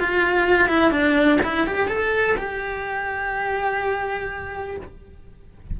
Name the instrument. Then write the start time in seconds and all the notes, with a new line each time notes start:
cello
0.00 F4
0.69 E4
0.91 D4
1.44 E4
1.67 G4
1.88 A4
2.37 G4